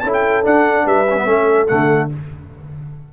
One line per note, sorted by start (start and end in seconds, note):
0.00 0.45 C#4
0.00 0.44 E4
0.00 0.85 A4
0.00 0.10 A5
0.13 0.44 G5
0.44 1.06 D4
0.44 0.86 D4
0.44 0.87 F#5
0.85 1.26 G3
0.85 1.26 B4
0.85 1.68 E5
1.11 1.26 B3
1.11 1.16 C#4
1.26 1.68 A3
1.26 1.67 C#4
1.26 2.12 A4
1.68 2.13 D3
1.68 2.10 A3
1.68 2.09 F#5